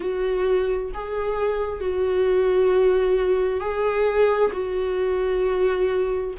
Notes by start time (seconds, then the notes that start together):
0.00 F#4
0.93 G#4
1.80 F#4
3.60 G#4
4.52 F#4